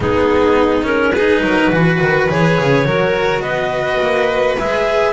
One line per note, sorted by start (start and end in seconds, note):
0.00 1.41 G#3
0.00 0.82 B3
0.00 1.14 D#4
0.00 0.85 G#4
0.82 1.11 C#4
0.82 1.12 A#4
1.12 1.42 G#4
1.12 2.27 B4
1.18 1.72 D#4
1.41 1.69 F#3
1.41 1.72 A#4
1.71 2.00 E3
1.71 2.29 F#4
1.71 2.86 B4
2.00 2.29 D#3
2.29 2.58 E3
2.29 2.85 G#4
2.29 3.41 C#5
2.60 2.85 C#3
2.85 3.41 F#3
2.85 4.56 F#4
2.85 3.41 A#4
3.41 3.98 B3
3.41 5.12 B4
3.41 4.56 D#5
4.00 4.57 A#3
4.58 5.12 G#3
4.58 5.12 G#4
4.58 5.12 E5